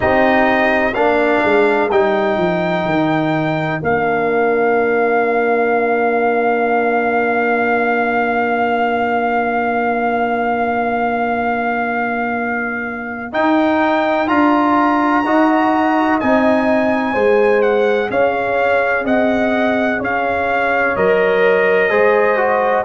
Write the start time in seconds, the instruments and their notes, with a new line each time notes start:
0.00 tuba C4, trombone D#4, horn G4, trumpet D#5
0.93 tuba A#3, trombone D4, horn A#4, trumpet F5
1.43 tuba G#3
1.90 tuba G3, trombone D#4, trumpet G5
2.37 tuba F3
2.85 tuba D#3
3.81 tuba A#3, trombone D4, trumpet F5
13.32 trombone D#4, tuba D#4, trumpet G5
14.27 tuba D4, trombone F4, trumpet A#5
15.24 tuba D#4, trombone F#4, horn D#5
16.19 tuba C4, trombone D#4, trumpet G#5
17.12 tuba G#3, trombone G#4, horn C5
17.62 trumpet F#5
18.10 tuba C#4, horn C#5, trumpet F5
19.04 tuba C4, horn D#5, trumpet F#5
19.99 tuba C#4, horn C#5, trumpet F5
20.96 tuba F#3, trombone A#4, trumpet D#5
21.89 tuba G#3, trombone G#4, horn C5
22.36 trombone F#4